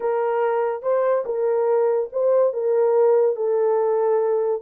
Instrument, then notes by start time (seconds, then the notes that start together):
horn
0.00 A#4
0.82 C5
1.25 A#4
2.12 C5
2.53 A#4
3.36 A4